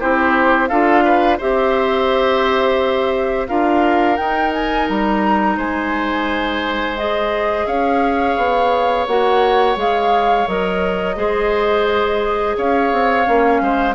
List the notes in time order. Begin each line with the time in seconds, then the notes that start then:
0.00 C4 E4 G4 C5
0.68 D4 F4 A4 F5
1.04 B4
1.38 C4 G4 C5 E5
3.48 D4 F4 A#4 F5
4.17 D#4 G5
4.53 G#5
4.88 G3 A#5
5.57 G#3 C5 G#5
6.97 G#4 D#5
7.66 C#4 C#5 F5
8.37 B3
9.07 A#3 F#4 F#5
9.76 G#3 G#4 F5
10.47 F#3 A#4 D#5
11.16 G#3 G#4 C5
12.57 C#4 C#5 F5
12.92 C4
13.24 A#3 C#4
13.61 G#3 C5